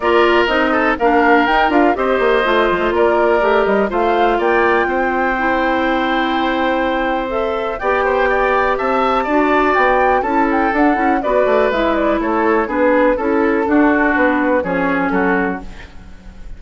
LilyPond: <<
  \new Staff \with { instrumentName = "flute" } { \time 4/4 \tempo 4 = 123 d''4 dis''4 f''4 g''8 f''8 | dis''2 d''4. dis''8 | f''4 g''2.~ | g''2. e''4 |
g''2 a''2 | g''4 a''8 g''8 fis''4 d''4 | e''8 d''8 cis''4 b'4 a'4~ | a'4 b'4 cis''4 a'4 | }
  \new Staff \with { instrumentName = "oboe" } { \time 4/4 ais'4. a'8 ais'2 | c''2 ais'2 | c''4 d''4 c''2~ | c''1 |
d''8 c''8 d''4 e''4 d''4~ | d''4 a'2 b'4~ | b'4 a'4 gis'4 a'4 | fis'2 gis'4 fis'4 | }
  \new Staff \with { instrumentName = "clarinet" } { \time 4/4 f'4 dis'4 d'4 dis'8 f'8 | g'4 f'2 g'4 | f'2. e'4~ | e'2. a'4 |
g'2. fis'4~ | fis'4 e'4 d'8 e'8 fis'4 | e'2 d'4 e'4 | d'2 cis'2 | }
  \new Staff \with { instrumentName = "bassoon" } { \time 4/4 ais4 c'4 ais4 dis'8 d'8 | c'8 ais8 a8 f16 a16 ais4 a8 g8 | a4 ais4 c'2~ | c'1 |
b2 c'4 d'4 | b4 cis'4 d'8 cis'8 b8 a8 | gis4 a4 b4 cis'4 | d'4 b4 f4 fis4 | }
>>